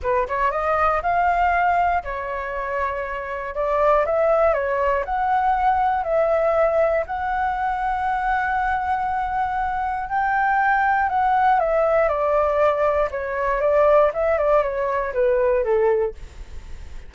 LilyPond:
\new Staff \with { instrumentName = "flute" } { \time 4/4 \tempo 4 = 119 b'8 cis''8 dis''4 f''2 | cis''2. d''4 | e''4 cis''4 fis''2 | e''2 fis''2~ |
fis''1 | g''2 fis''4 e''4 | d''2 cis''4 d''4 | e''8 d''8 cis''4 b'4 a'4 | }